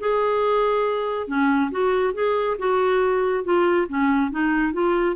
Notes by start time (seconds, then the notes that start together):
0.00 G#4
1.28 C#4
1.71 F#4
2.14 G#4
2.59 F#4
3.44 F4
3.89 C#4
4.31 D#4
4.73 F4